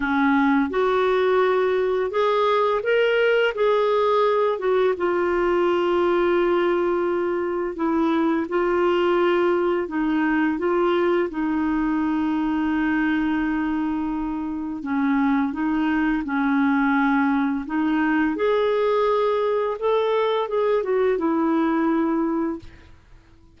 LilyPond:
\new Staff \with { instrumentName = "clarinet" } { \time 4/4 \tempo 4 = 85 cis'4 fis'2 gis'4 | ais'4 gis'4. fis'8 f'4~ | f'2. e'4 | f'2 dis'4 f'4 |
dis'1~ | dis'4 cis'4 dis'4 cis'4~ | cis'4 dis'4 gis'2 | a'4 gis'8 fis'8 e'2 | }